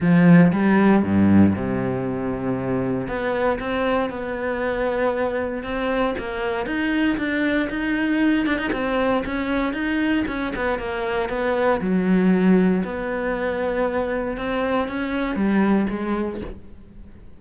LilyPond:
\new Staff \with { instrumentName = "cello" } { \time 4/4 \tempo 4 = 117 f4 g4 g,4 c4~ | c2 b4 c'4 | b2. c'4 | ais4 dis'4 d'4 dis'4~ |
dis'8 d'16 dis'16 c'4 cis'4 dis'4 | cis'8 b8 ais4 b4 fis4~ | fis4 b2. | c'4 cis'4 g4 gis4 | }